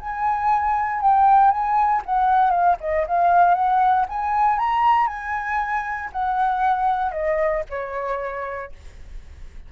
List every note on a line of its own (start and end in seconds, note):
0.00 1.01 G#5
1.01 1.51 G5
1.51 2.03 G#5
2.06 2.51 F#5
2.51 2.77 F5
2.81 3.07 D#5
3.07 3.55 F5
3.55 4.06 F#5
4.10 4.59 G#5
4.59 5.08 A#5
5.08 6.10 G#5
6.13 7.12 F#5
7.12 7.64 D#5
7.70 8.72 C#5